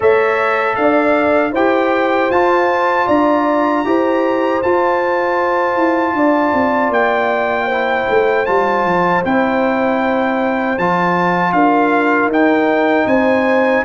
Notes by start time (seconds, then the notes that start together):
0.00 A3 A4 C#5 E5
0.75 D4 D5 F5
1.52 E4 G4 C5 G5
2.30 F4 A5
3.06 D4 D5 A#5
3.84 E4 G4 C5
4.62 F4 A5
5.75 E4
6.13 D4 D5
6.53 C4
6.89 A#3 G5
7.65 E4 C5
8.09 A3
8.45 G3 F4 A5
8.84 F3
9.24 C4 E4 G5
10.77 F3 F4 A5
11.52 D4 A#4 F5
12.26 D#4 G5
13.05 C4 C5 G#5